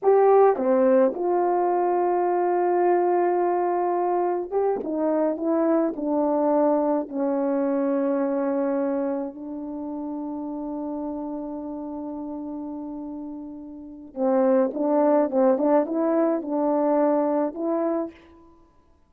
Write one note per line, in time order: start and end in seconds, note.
0.02 0.56 G4
0.56 1.12 C4
1.14 4.50 F4
4.50 4.79 G4
4.83 5.36 D#4
5.36 5.93 E4
5.96 7.08 D4
7.08 9.34 C#4
9.34 14.14 D4
14.14 14.70 C4
14.73 15.30 D4
15.30 15.57 C4
15.57 15.86 D4
15.86 16.41 E4
16.41 17.54 D4
17.54 18.11 E4